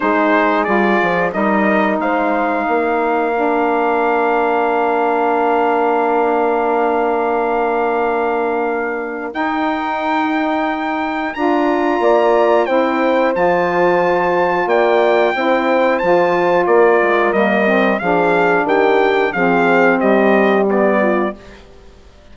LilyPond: <<
  \new Staff \with { instrumentName = "trumpet" } { \time 4/4 \tempo 4 = 90 c''4 d''4 dis''4 f''4~ | f''1~ | f''1~ | f''2 g''2~ |
g''4 ais''2 g''4 | a''2 g''2 | a''4 d''4 dis''4 f''4 | g''4 f''4 dis''4 d''4 | }
  \new Staff \with { instrumentName = "horn" } { \time 4/4 gis'2 ais'4 c''4 | ais'1~ | ais'1~ | ais'1~ |
ais'2 d''4 c''4~ | c''2 d''4 c''4~ | c''4 ais'2 gis'4 | g'4 gis'4 g'4. f'8 | }
  \new Staff \with { instrumentName = "saxophone" } { \time 4/4 dis'4 f'4 dis'2~ | dis'4 d'2.~ | d'1~ | d'2 dis'2~ |
dis'4 f'2 e'4 | f'2. e'4 | f'2 ais8 c'8 d'4~ | d'4 c'2 b4 | }
  \new Staff \with { instrumentName = "bassoon" } { \time 4/4 gis4 g8 f8 g4 gis4 | ais1~ | ais1~ | ais2 dis'2~ |
dis'4 d'4 ais4 c'4 | f2 ais4 c'4 | f4 ais8 gis8 g4 f4 | dis4 f4 g2 | }
>>